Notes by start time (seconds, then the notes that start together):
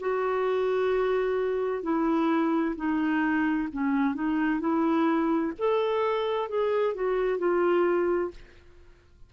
0.00 F#4
1.83 E4
2.76 D#4
3.72 C#4
4.14 D#4
4.60 E4
5.58 A4
6.49 G#4
6.94 F#4
7.38 F4